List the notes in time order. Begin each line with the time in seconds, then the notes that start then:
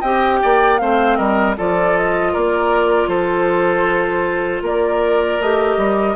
0.00 C4 G4 D#5 G5
0.42 A#3 D5
0.77 A3 C4 C5 F5
1.16 G3 A#4 D#5
1.57 F3 F4 A4 D5
1.96 D#5
2.32 A#3 A#4 D5
3.07 F3 A4 C5
4.62 A#3 A#4 D5
5.40 A3 G4 D#5
5.77 G3